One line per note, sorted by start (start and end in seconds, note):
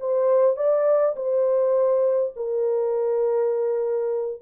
0.00 0.56 C5
0.56 1.15 D5
1.16 2.33 C5
2.36 4.41 A#4